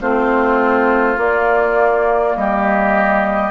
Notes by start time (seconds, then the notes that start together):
0.00 A3 C4 F4 C5
1.16 A#3 D5
2.36 G3 G4 D#5